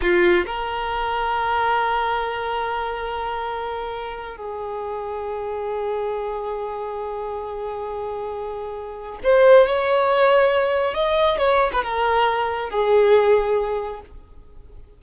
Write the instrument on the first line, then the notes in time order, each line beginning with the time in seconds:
violin
0.01 F4
0.46 A#4
4.37 G#4
9.23 C5
9.66 C#5
10.94 D#5
11.37 C#5
11.73 B4
11.83 A#4
12.70 G#4